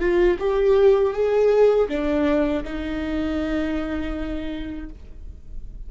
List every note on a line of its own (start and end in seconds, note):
0.00 0.38 F4
0.39 1.13 G4
1.13 1.88 G#4
1.89 2.64 D4
2.64 4.89 D#4